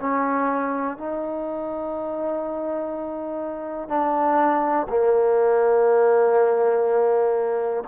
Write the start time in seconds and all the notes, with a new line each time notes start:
0.00 C#4
0.97 D#4
3.89 D4
4.89 A#3